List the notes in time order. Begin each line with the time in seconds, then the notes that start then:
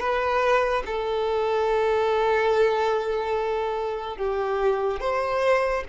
0.00 B4
0.86 A4
4.18 G4
5.01 C5